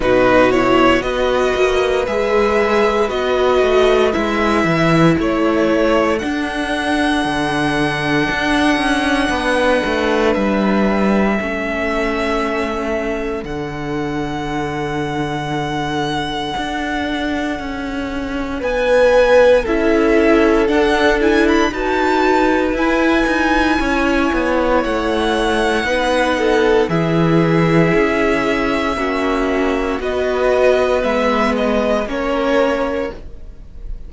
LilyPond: <<
  \new Staff \with { instrumentName = "violin" } { \time 4/4 \tempo 4 = 58 b'8 cis''8 dis''4 e''4 dis''4 | e''4 cis''4 fis''2~ | fis''2 e''2~ | e''4 fis''2.~ |
fis''2 gis''4 e''4 | fis''8 gis''16 b''16 a''4 gis''2 | fis''2 e''2~ | e''4 dis''4 e''8 dis''8 cis''4 | }
  \new Staff \with { instrumentName = "violin" } { \time 4/4 fis'4 b'2.~ | b'4 a'2.~ | a'4 b'2 a'4~ | a'1~ |
a'2 b'4 a'4~ | a'4 b'2 cis''4~ | cis''4 b'8 a'8 gis'2 | fis'4 b'2 ais'4 | }
  \new Staff \with { instrumentName = "viola" } { \time 4/4 dis'8 e'8 fis'4 gis'4 fis'4 | e'2 d'2~ | d'2. cis'4~ | cis'4 d'2.~ |
d'2. e'4 | d'8 e'8 fis'4 e'2~ | e'4 dis'4 e'2 | cis'4 fis'4 b4 cis'4 | }
  \new Staff \with { instrumentName = "cello" } { \time 4/4 b,4 b8 ais8 gis4 b8 a8 | gis8 e8 a4 d'4 d4 | d'8 cis'8 b8 a8 g4 a4~ | a4 d2. |
d'4 cis'4 b4 cis'4 | d'4 dis'4 e'8 dis'8 cis'8 b8 | a4 b4 e4 cis'4 | ais4 b4 gis4 ais4 | }
>>